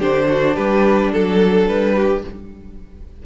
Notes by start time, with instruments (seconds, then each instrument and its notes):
0.00 cello D3, viola D4, violin G4 C5
0.28 violin F#4
0.56 cello G3, violin G4 B4
1.12 cello F#3, violin A4
1.68 cello G3, violin B4
1.94 violin G4